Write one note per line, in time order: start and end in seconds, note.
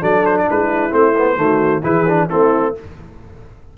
0.00 0.48 F#3
0.00 0.91 D4
0.00 0.45 A4
0.00 0.26 D5
0.26 0.38 C5
0.38 0.50 D5
0.47 0.93 G#3
0.47 1.38 E4
0.47 0.94 B4
0.91 1.37 A3
0.91 1.14 C4
0.91 1.84 C5
1.18 1.37 B3
1.37 1.83 D#3
1.37 1.82 A3
1.37 1.83 F#4
1.83 2.29 E3
1.83 2.07 E4
1.83 2.28 G#4
1.83 2.29 B4
2.08 2.30 D4
2.30 2.78 A3
2.30 2.75 C4
2.30 2.75 E4
2.30 2.75 A4